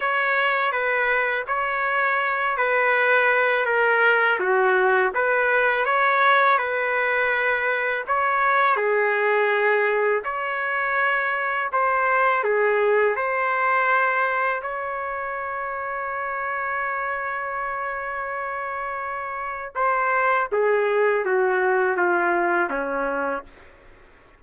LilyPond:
\new Staff \with { instrumentName = "trumpet" } { \time 4/4 \tempo 4 = 82 cis''4 b'4 cis''4. b'8~ | b'4 ais'4 fis'4 b'4 | cis''4 b'2 cis''4 | gis'2 cis''2 |
c''4 gis'4 c''2 | cis''1~ | cis''2. c''4 | gis'4 fis'4 f'4 cis'4 | }